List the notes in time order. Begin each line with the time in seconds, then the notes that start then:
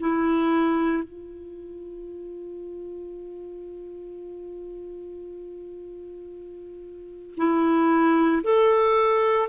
0.00 E4
1.03 F4
7.37 E4
8.44 A4